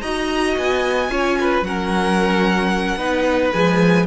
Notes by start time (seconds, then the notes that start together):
0.00 D#4 F#4 D#5 A#5
0.57 B3 G#5
1.09 C#4 F4 C#5
1.40 B4
1.61 F#3 C#4 A#4 F#5
2.95 B3 D#4 B4
3.52 F3 G#3 G#5